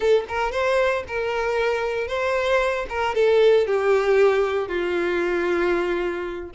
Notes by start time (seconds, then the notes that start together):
0.00 A4
0.28 A#4
0.51 C5
1.07 A#4
2.07 C5
2.89 A#4
3.14 A4
3.66 G4
4.67 F4